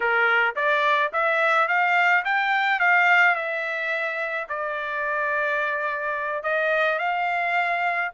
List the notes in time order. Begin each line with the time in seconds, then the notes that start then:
0.00 A#4
0.55 D5
1.12 E5
1.68 F5
2.24 G5
2.79 F5
3.35 E5
4.48 D5
6.43 D#5
6.98 F5